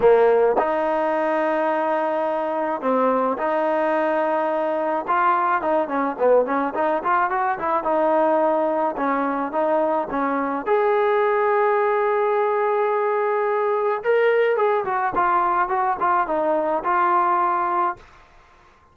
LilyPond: \new Staff \with { instrumentName = "trombone" } { \time 4/4 \tempo 4 = 107 ais4 dis'2.~ | dis'4 c'4 dis'2~ | dis'4 f'4 dis'8 cis'8 b8 cis'8 | dis'8 f'8 fis'8 e'8 dis'2 |
cis'4 dis'4 cis'4 gis'4~ | gis'1~ | gis'4 ais'4 gis'8 fis'8 f'4 | fis'8 f'8 dis'4 f'2 | }